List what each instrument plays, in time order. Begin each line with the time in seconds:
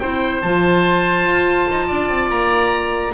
0.00 double bass C4, clarinet E4, oboe C5 G5
0.42 double bass F3, clarinet F4, oboe A5
1.25 double bass F4
1.71 double bass D#4
1.87 double bass D4, oboe D5
2.09 double bass C4
2.30 double bass A#3, oboe A#5